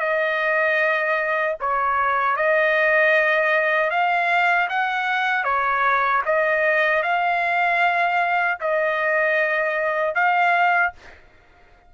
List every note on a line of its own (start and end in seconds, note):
0.00 1.56 D#5
1.61 2.37 C#5
2.37 3.91 D#5
3.91 4.69 F5
4.69 5.45 F#5
5.45 6.23 C#5
6.26 7.03 D#5
7.03 8.59 F5
8.61 10.15 D#5
10.15 10.93 F5